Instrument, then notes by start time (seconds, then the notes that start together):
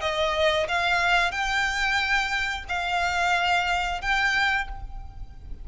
violin
0.00 D#5
0.68 F5
1.31 G5
2.68 F5
4.01 G5